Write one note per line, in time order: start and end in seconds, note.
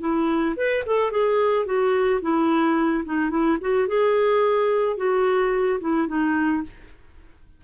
0.00 0.55 E4
0.56 0.84 B4
0.86 1.11 A4
1.11 1.65 G#4
1.65 2.20 F#4
2.21 3.04 E4
3.05 3.30 D#4
3.30 3.58 E4
3.61 3.87 F#4
3.87 4.97 G#4
4.97 5.79 F#4
5.80 6.08 E4
6.08 6.63 D#4